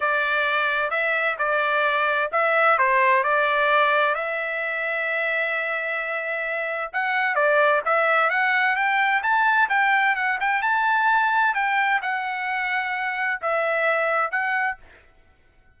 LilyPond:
\new Staff \with { instrumentName = "trumpet" } { \time 4/4 \tempo 4 = 130 d''2 e''4 d''4~ | d''4 e''4 c''4 d''4~ | d''4 e''2.~ | e''2. fis''4 |
d''4 e''4 fis''4 g''4 | a''4 g''4 fis''8 g''8 a''4~ | a''4 g''4 fis''2~ | fis''4 e''2 fis''4 | }